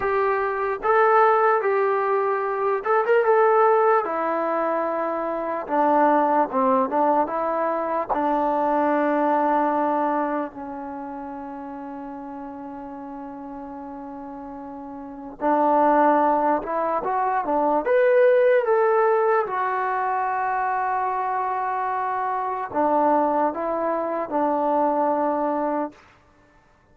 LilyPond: \new Staff \with { instrumentName = "trombone" } { \time 4/4 \tempo 4 = 74 g'4 a'4 g'4. a'16 ais'16 | a'4 e'2 d'4 | c'8 d'8 e'4 d'2~ | d'4 cis'2.~ |
cis'2. d'4~ | d'8 e'8 fis'8 d'8 b'4 a'4 | fis'1 | d'4 e'4 d'2 | }